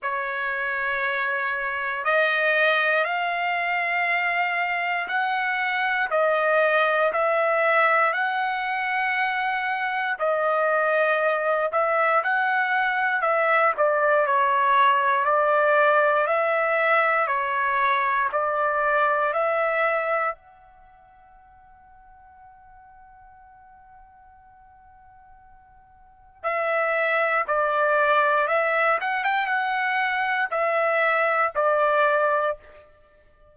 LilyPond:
\new Staff \with { instrumentName = "trumpet" } { \time 4/4 \tempo 4 = 59 cis''2 dis''4 f''4~ | f''4 fis''4 dis''4 e''4 | fis''2 dis''4. e''8 | fis''4 e''8 d''8 cis''4 d''4 |
e''4 cis''4 d''4 e''4 | fis''1~ | fis''2 e''4 d''4 | e''8 fis''16 g''16 fis''4 e''4 d''4 | }